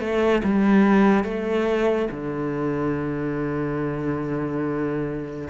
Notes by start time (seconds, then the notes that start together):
0.00 A3
0.44 G3
1.24 A3
2.11 D3